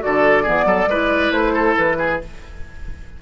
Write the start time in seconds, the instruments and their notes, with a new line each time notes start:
0.00 bassoon D3, clarinet F#4, oboe A4, flute D5
0.43 bassoon E3, clarinet B3, oboe G#4
0.65 bassoon F#3, oboe A4
0.87 bassoon G#3, clarinet E4, oboe B4
1.31 bassoon A3, flute C5
1.53 oboe A4
1.77 bassoon E3, flute B4
1.99 oboe G#4